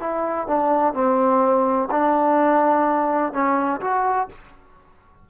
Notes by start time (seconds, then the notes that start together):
0.00 E4
0.48 D4
0.94 C4
1.91 D4
3.33 C#4
3.81 F#4